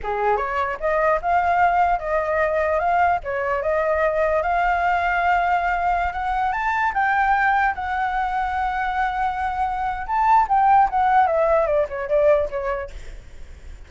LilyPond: \new Staff \with { instrumentName = "flute" } { \time 4/4 \tempo 4 = 149 gis'4 cis''4 dis''4 f''4~ | f''4 dis''2 f''4 | cis''4 dis''2 f''4~ | f''2.~ f''16 fis''8.~ |
fis''16 a''4 g''2 fis''8.~ | fis''1~ | fis''4 a''4 g''4 fis''4 | e''4 d''8 cis''8 d''4 cis''4 | }